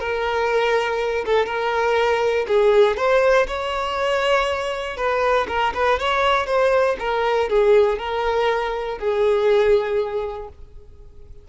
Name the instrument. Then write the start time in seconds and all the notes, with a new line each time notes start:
violin
0.00 A#4
1.26 A4
1.46 A#4
2.48 G#4
2.97 C5
3.47 C#5
4.97 B4
5.48 A#4
5.74 B4
6.00 C#5
6.47 C5
7.00 A#4
7.50 G#4
7.99 A#4
8.99 G#4